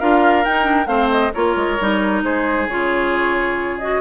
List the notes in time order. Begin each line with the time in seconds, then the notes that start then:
0.00 D4 F4 A#4 F5
0.45 D#4 G5
0.63 D4
0.87 A3 C4 C5 F5
1.11 D#5
1.34 A#3 F4 A#4 C#5
1.56 G#3
1.80 G3 D#4
2.23 G#3 G#4 C5
2.68 C#3 F4 C#5
3.79 F#4 D#5